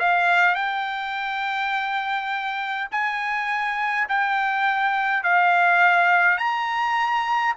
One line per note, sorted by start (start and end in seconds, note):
0.00 0.56 F5
0.56 2.89 G5
2.92 4.08 G#5
4.09 5.24 G5
5.24 6.38 F5
6.38 7.55 A#5